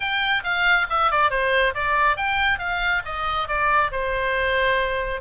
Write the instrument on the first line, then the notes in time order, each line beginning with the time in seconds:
oboe
0.00 G5
0.43 F5
0.89 E5
1.11 D5
1.30 C5
1.74 D5
2.16 G5
2.58 F5
3.05 D#5
3.47 D5
3.91 C5